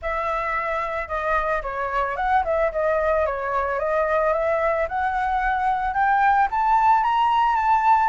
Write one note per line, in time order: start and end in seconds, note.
0.01 1.08 E5
1.08 1.62 D#5
1.62 2.16 C#5
2.16 2.43 F#5
2.44 2.71 E5
2.72 3.26 D#5
3.26 3.79 C#5
3.79 4.33 D#5
4.33 4.87 E5
4.88 5.94 F#5
5.94 6.48 G5
6.50 7.03 A5
7.03 7.56 A#5
7.56 8.09 A5